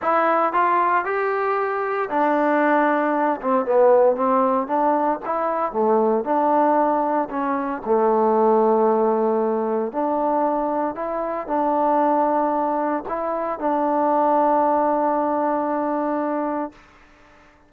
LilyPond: \new Staff \with { instrumentName = "trombone" } { \time 4/4 \tempo 4 = 115 e'4 f'4 g'2 | d'2~ d'8 c'8 b4 | c'4 d'4 e'4 a4 | d'2 cis'4 a4~ |
a2. d'4~ | d'4 e'4 d'2~ | d'4 e'4 d'2~ | d'1 | }